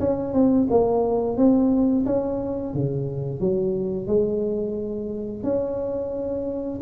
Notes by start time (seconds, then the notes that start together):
0.00 C#4
0.33 C4
0.70 A#3
1.37 C4
2.06 C#4
2.74 C#3
3.40 F#3
4.07 G#3
5.43 C#4